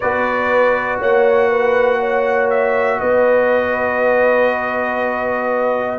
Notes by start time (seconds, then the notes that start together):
0.00 B3 F#4 B4 D5
0.98 A#3 C#5 F#5
1.49 B4
1.99 C#5
2.50 E5
2.99 B3 B4 D#5